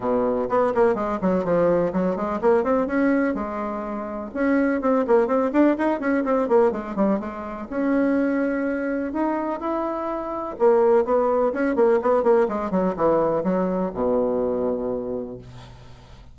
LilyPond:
\new Staff \with { instrumentName = "bassoon" } { \time 4/4 \tempo 4 = 125 b,4 b8 ais8 gis8 fis8 f4 | fis8 gis8 ais8 c'8 cis'4 gis4~ | gis4 cis'4 c'8 ais8 c'8 d'8 | dis'8 cis'8 c'8 ais8 gis8 g8 gis4 |
cis'2. dis'4 | e'2 ais4 b4 | cis'8 ais8 b8 ais8 gis8 fis8 e4 | fis4 b,2. | }